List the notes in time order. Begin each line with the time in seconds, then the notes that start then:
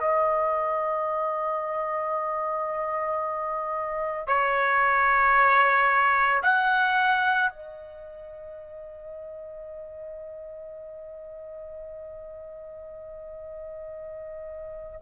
0.00 D#5
4.28 C#5
6.43 F#5
7.50 D#5